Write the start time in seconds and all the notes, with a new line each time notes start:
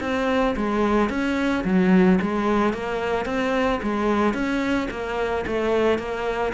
0.00 C4
0.56 G#3
1.09 C#4
1.64 F#3
2.21 G#3
2.73 A#3
3.25 C4
3.82 G#3
4.33 C#4
4.90 A#3
5.46 A3
5.98 A#3